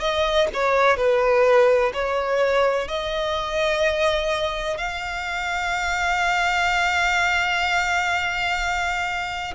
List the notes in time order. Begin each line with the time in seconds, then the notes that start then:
0.00 D#5
0.54 C#5
0.97 B4
1.94 C#5
2.88 D#5
4.78 F5